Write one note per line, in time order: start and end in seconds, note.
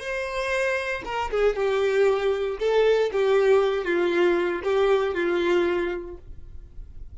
0.00 1.03 C5
1.05 1.31 A#4
1.31 1.56 G#4
1.56 2.58 G4
2.59 3.11 A4
3.13 3.85 G4
3.85 4.62 F4
4.63 5.14 G4
5.14 6.17 F4